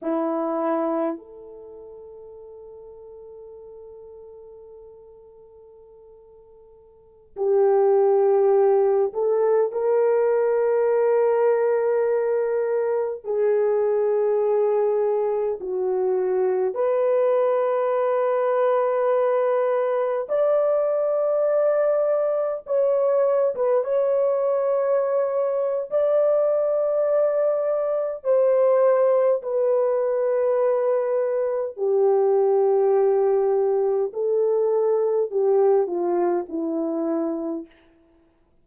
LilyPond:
\new Staff \with { instrumentName = "horn" } { \time 4/4 \tempo 4 = 51 e'4 a'2.~ | a'2~ a'16 g'4. a'16~ | a'16 ais'2. gis'8.~ | gis'4~ gis'16 fis'4 b'4.~ b'16~ |
b'4~ b'16 d''2 cis''8. | b'16 cis''4.~ cis''16 d''2 | c''4 b'2 g'4~ | g'4 a'4 g'8 f'8 e'4 | }